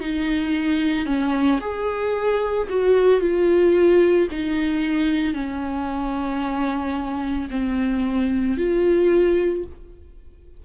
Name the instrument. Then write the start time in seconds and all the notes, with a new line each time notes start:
viola
0.00 D#4
1.06 C#4
1.60 G#4
2.69 F#4
3.20 F4
4.31 D#4
5.34 C#4
7.50 C4
8.57 F4